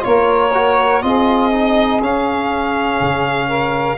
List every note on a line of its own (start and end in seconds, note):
0.00 1.03 A#3
0.00 0.49 F4
0.00 1.03 A#4
0.00 1.02 C#5
0.53 1.02 F#4
1.02 2.01 C4
1.02 1.51 F4
1.02 3.47 G#4
1.02 2.00 D#5
1.51 2.01 D#4
2.01 2.99 C#4
2.01 3.98 C#4
2.01 3.98 F5
3.00 3.98 C#3
3.47 3.97 A#4